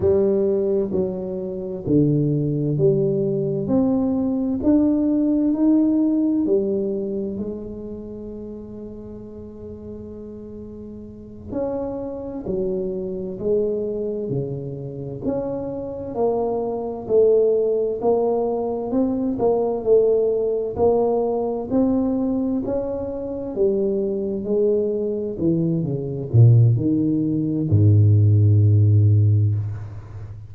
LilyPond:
\new Staff \with { instrumentName = "tuba" } { \time 4/4 \tempo 4 = 65 g4 fis4 d4 g4 | c'4 d'4 dis'4 g4 | gis1~ | gis8 cis'4 fis4 gis4 cis8~ |
cis8 cis'4 ais4 a4 ais8~ | ais8 c'8 ais8 a4 ais4 c'8~ | c'8 cis'4 g4 gis4 e8 | cis8 ais,8 dis4 gis,2 | }